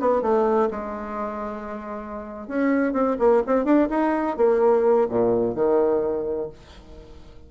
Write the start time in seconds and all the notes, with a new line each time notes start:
0.00 B3
0.22 A3
0.71 G#3
2.48 C#4
2.93 C4
3.19 A#3
3.47 C4
3.65 D4
3.90 D#4
4.37 A#3
5.09 A#2
5.55 D#3